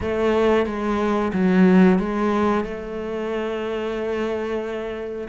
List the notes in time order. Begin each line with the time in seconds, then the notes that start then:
0.00 A3
0.66 G#3
1.33 F#3
1.98 G#3
2.64 A3